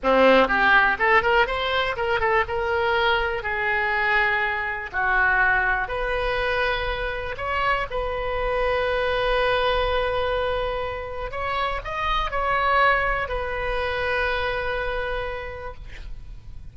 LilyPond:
\new Staff \with { instrumentName = "oboe" } { \time 4/4 \tempo 4 = 122 c'4 g'4 a'8 ais'8 c''4 | ais'8 a'8 ais'2 gis'4~ | gis'2 fis'2 | b'2. cis''4 |
b'1~ | b'2. cis''4 | dis''4 cis''2 b'4~ | b'1 | }